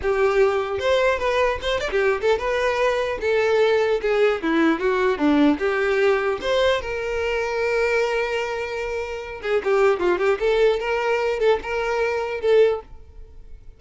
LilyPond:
\new Staff \with { instrumentName = "violin" } { \time 4/4 \tempo 4 = 150 g'2 c''4 b'4 | c''8 d''16 g'8. a'8 b'2 | a'2 gis'4 e'4 | fis'4 d'4 g'2 |
c''4 ais'2.~ | ais'2.~ ais'8 gis'8 | g'4 f'8 g'8 a'4 ais'4~ | ais'8 a'8 ais'2 a'4 | }